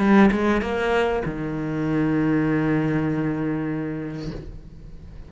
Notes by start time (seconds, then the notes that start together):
0.00 G3
0.32 G#3
0.62 A#3
1.26 D#3